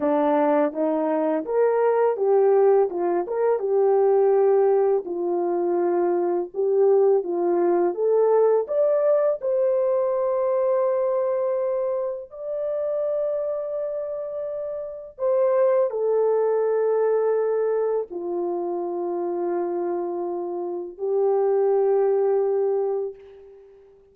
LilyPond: \new Staff \with { instrumentName = "horn" } { \time 4/4 \tempo 4 = 83 d'4 dis'4 ais'4 g'4 | f'8 ais'8 g'2 f'4~ | f'4 g'4 f'4 a'4 | d''4 c''2.~ |
c''4 d''2.~ | d''4 c''4 a'2~ | a'4 f'2.~ | f'4 g'2. | }